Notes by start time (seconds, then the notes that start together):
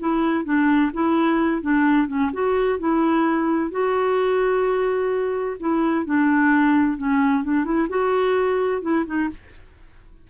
0.00 E4
0.45 D4
0.93 E4
1.62 D4
2.08 C#4
2.33 F#4
2.79 E4
3.71 F#4
5.60 E4
6.06 D4
6.97 C#4
7.44 D4
7.65 E4
7.89 F#4
8.82 E4
9.06 D#4